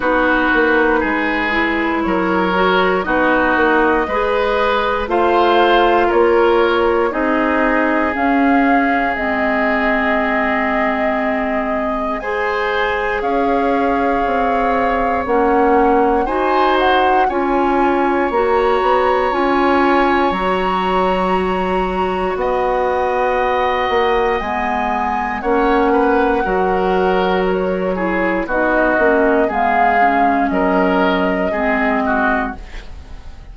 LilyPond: <<
  \new Staff \with { instrumentName = "flute" } { \time 4/4 \tempo 4 = 59 b'2 cis''4 dis''4~ | dis''4 f''4 cis''4 dis''4 | f''4 dis''2. | gis''4 f''2 fis''4 |
gis''8 fis''8 gis''4 ais''4 gis''4 | ais''2 fis''2 | gis''4 fis''2 cis''4 | dis''4 f''4 dis''2 | }
  \new Staff \with { instrumentName = "oboe" } { \time 4/4 fis'4 gis'4 ais'4 fis'4 | b'4 c''4 ais'4 gis'4~ | gis'1 | c''4 cis''2. |
c''4 cis''2.~ | cis''2 dis''2~ | dis''4 cis''8 b'8 ais'4. gis'8 | fis'4 gis'4 ais'4 gis'8 fis'8 | }
  \new Staff \with { instrumentName = "clarinet" } { \time 4/4 dis'4. e'4 fis'8 dis'4 | gis'4 f'2 dis'4 | cis'4 c'2. | gis'2. cis'4 |
fis'4 f'4 fis'4 f'4 | fis'1 | b4 cis'4 fis'4. e'8 | dis'8 cis'8 b8 cis'4. c'4 | }
  \new Staff \with { instrumentName = "bassoon" } { \time 4/4 b8 ais8 gis4 fis4 b8 ais8 | gis4 a4 ais4 c'4 | cis'4 gis2.~ | gis4 cis'4 c'4 ais4 |
dis'4 cis'4 ais8 b8 cis'4 | fis2 b4. ais8 | gis4 ais4 fis2 | b8 ais8 gis4 fis4 gis4 | }
>>